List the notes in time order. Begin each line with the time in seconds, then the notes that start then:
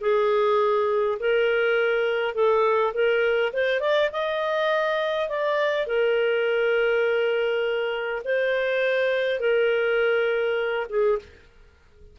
0.00 G#4
1.19 A#4
2.34 A4
2.93 A#4
3.53 C5
3.80 D5
4.12 D#5
5.29 D5
5.86 A#4
8.24 C5
9.39 A#4
10.89 G#4